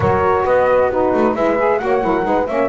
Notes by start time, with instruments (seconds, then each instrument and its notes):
0.00 double bass F#3, saxophone F#4, horn A#4, flute C#5
0.44 double bass B3, horn B4, flute D#5
0.89 saxophone D#4, horn F#4, flute B4
1.14 double bass A3
1.33 double bass G#3, saxophone E4, horn B4, flute E5
1.57 saxophone G#4
1.78 double bass A#3, saxophone F#4, horn C#5, flute F#5
2.01 double bass F#3, saxophone E4, horn A#4
2.23 double bass G#3, saxophone D#4, horn B4
2.46 double bass A#3, saxophone C#4, horn C#5, flute E5